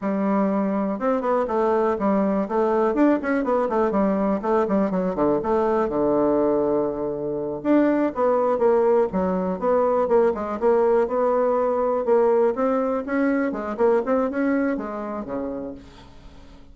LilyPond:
\new Staff \with { instrumentName = "bassoon" } { \time 4/4 \tempo 4 = 122 g2 c'8 b8 a4 | g4 a4 d'8 cis'8 b8 a8 | g4 a8 g8 fis8 d8 a4 | d2.~ d8 d'8~ |
d'8 b4 ais4 fis4 b8~ | b8 ais8 gis8 ais4 b4.~ | b8 ais4 c'4 cis'4 gis8 | ais8 c'8 cis'4 gis4 cis4 | }